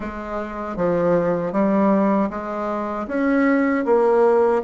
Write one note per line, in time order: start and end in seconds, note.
0.00 0.76 G#3
0.76 1.52 F3
1.52 2.29 G3
2.30 3.07 G#3
3.07 3.84 C#4
3.85 4.62 A#3